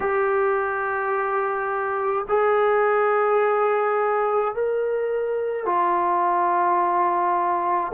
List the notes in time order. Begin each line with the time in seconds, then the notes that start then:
0.00 G4
2.28 G#4
4.54 A#4
5.66 F4